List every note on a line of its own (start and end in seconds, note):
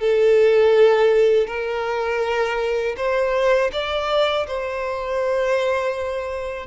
0.00 1.47 A4
1.47 2.95 A#4
2.97 3.71 C5
3.72 4.46 D5
4.47 6.66 C5